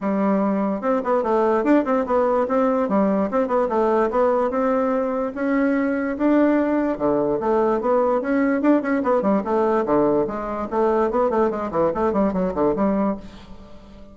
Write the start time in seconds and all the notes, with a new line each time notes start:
0.01 G3
0.81 C4
1.04 B3
1.23 A3
1.64 D4
1.85 C4
2.05 B3
2.48 C4
2.88 G3
3.31 C4
3.47 B3
3.69 A3
4.10 B3
4.50 C4
5.34 C#4
6.17 D4
6.98 D3
7.40 A3
7.80 B3
8.21 C#4
8.61 D4
8.82 C#4
9.03 B3
9.21 G3
9.44 A3
9.85 D3
10.27 G#3
10.70 A3
11.10 B3
11.30 A3
11.50 G#3
11.71 E3
11.94 A3
12.12 G3
12.33 F#3
12.54 D3
12.75 G3